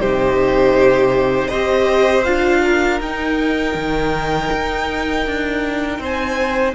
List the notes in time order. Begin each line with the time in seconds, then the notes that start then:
0.00 C3 D#4 G4 C5
1.49 C4 G4 C5 D#5
2.24 D4 F4 F5
2.64 A#4
3.01 D#4 G5
3.75 D#3
4.52 D#4
5.26 D4
5.99 C4 C5
6.05 G#5